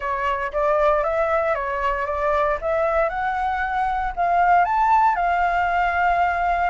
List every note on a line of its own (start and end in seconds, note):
0.00 0.52 C#5
0.52 1.03 D5
1.03 1.54 E5
1.54 2.06 C#5
2.06 2.57 D5
2.61 3.09 E5
3.09 4.12 F#5
4.16 4.64 F5
4.64 5.15 A5
5.15 6.70 F5